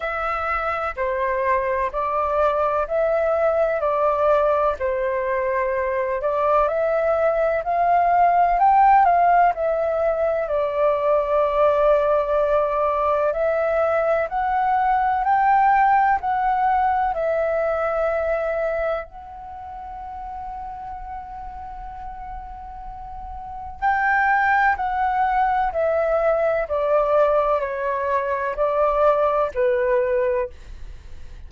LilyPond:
\new Staff \with { instrumentName = "flute" } { \time 4/4 \tempo 4 = 63 e''4 c''4 d''4 e''4 | d''4 c''4. d''8 e''4 | f''4 g''8 f''8 e''4 d''4~ | d''2 e''4 fis''4 |
g''4 fis''4 e''2 | fis''1~ | fis''4 g''4 fis''4 e''4 | d''4 cis''4 d''4 b'4 | }